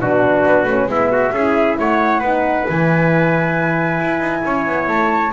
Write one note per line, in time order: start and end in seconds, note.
0.00 0.44 B2
0.00 0.68 D4
0.00 0.90 F#4
0.00 0.90 B4
0.45 0.64 B3
0.64 0.86 A3
0.64 0.89 C#4
0.87 1.31 G#3
0.87 1.33 B3
0.87 1.12 E4
0.87 1.79 E5
1.12 1.34 F#4
1.32 1.77 C#4
1.32 1.79 G#4
1.38 2.24 E4
1.79 2.21 A3
1.79 2.20 C#5
1.79 2.69 F#5
2.20 2.66 B3
2.20 2.68 D#4
2.20 4.42 B4
2.69 4.01 E3
2.69 5.34 E4
2.69 4.89 G#5
4.01 4.20 E4
4.20 4.42 D#4
4.45 4.67 C#4
4.45 5.34 C#5
4.67 4.88 B3
4.88 5.32 A3
4.88 5.33 A5